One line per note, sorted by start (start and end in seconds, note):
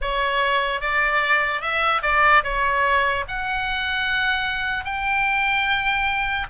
0.01 0.81 C#5
0.81 1.61 D5
1.61 2.01 E5
2.02 2.43 D5
2.43 3.24 C#5
3.28 4.84 F#5
4.84 6.46 G5